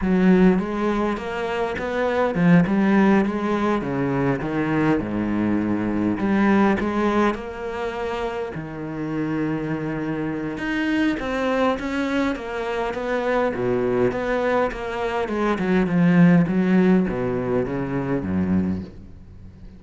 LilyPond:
\new Staff \with { instrumentName = "cello" } { \time 4/4 \tempo 4 = 102 fis4 gis4 ais4 b4 | f8 g4 gis4 cis4 dis8~ | dis8 gis,2 g4 gis8~ | gis8 ais2 dis4.~ |
dis2 dis'4 c'4 | cis'4 ais4 b4 b,4 | b4 ais4 gis8 fis8 f4 | fis4 b,4 cis4 fis,4 | }